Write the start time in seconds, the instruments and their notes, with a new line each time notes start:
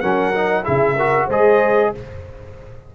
0.00 tuba F#3, trombone C#4, horn A#4, trumpet F#5
0.34 trombone D#4
0.63 tuba C#3, trombone E4, horn G#4, trumpet E5
0.95 trombone F#4, horn A#4
1.26 tuba G#3, trombone G#4, horn C5, trumpet D#5